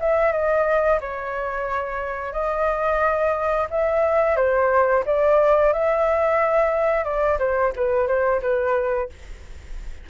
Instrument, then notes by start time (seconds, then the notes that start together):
flute
0.00 E5
0.32 D#5
1.00 C#5
2.32 D#5
3.70 E5
4.36 C5
5.05 D5
5.73 E5
7.04 D5
7.39 C5
7.75 B4
8.07 C5
8.41 B4